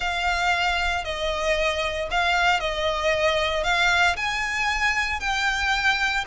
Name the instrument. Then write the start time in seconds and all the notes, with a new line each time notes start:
violin
0.00 F5
1.04 D#5
2.10 F5
2.60 D#5
3.63 F5
4.16 G#5
5.19 G5